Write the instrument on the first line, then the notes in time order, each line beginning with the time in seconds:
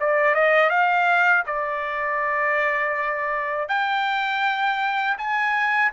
trumpet
0.00 D5
0.34 D#5
0.70 F5
1.46 D5
3.69 G5
5.18 G#5